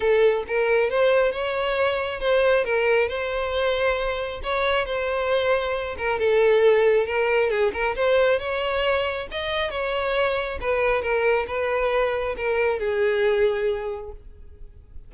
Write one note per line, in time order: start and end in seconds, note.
0.00 0.44 A4
0.47 0.89 A#4
0.89 1.32 C5
1.32 2.20 C#5
2.20 2.64 C5
2.64 3.08 A#4
3.08 4.40 C5
4.43 4.85 C#5
4.85 5.96 C5
5.97 6.19 A#4
6.19 7.06 A4
7.06 7.49 A#4
7.49 7.71 G#4
7.73 7.95 A#4
7.95 8.39 C5
8.39 9.27 C#5
9.31 9.70 D#5
9.70 10.58 C#5
10.60 11.02 B4
11.02 11.46 A#4
11.47 12.35 B4
12.36 12.79 A#4
12.79 14.11 G#4